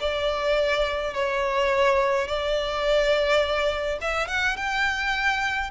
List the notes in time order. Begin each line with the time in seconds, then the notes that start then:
0.00 D5
1.14 C#5
2.28 D5
4.01 E5
4.28 F#5
4.56 G5